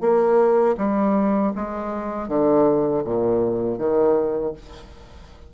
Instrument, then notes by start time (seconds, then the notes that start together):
bassoon
0.00 A#3
0.77 G3
1.55 G#3
2.28 D3
3.04 A#2
3.78 D#3